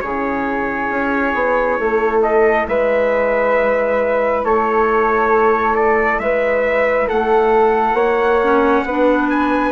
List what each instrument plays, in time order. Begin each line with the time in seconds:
0.00 bassoon C#3, clarinet E4, flute G#4, trumpet C#5
0.88 bassoon C#4
1.34 bassoon B3
1.79 bassoon A3, flute A4
2.22 trumpet D#5
2.67 bassoon G#3, flute B4, trumpet E5
4.44 bassoon A3, flute A4, trumpet C#5
5.75 trumpet D5
6.18 bassoon G#3, flute B4, trumpet E5
7.08 bassoon A3, flute A4, trumpet F#5
7.93 bassoon A#3, flute C#5
8.42 clarinet C#4
8.84 bassoon B3, clarinet D4, flute B4
9.29 trumpet G#5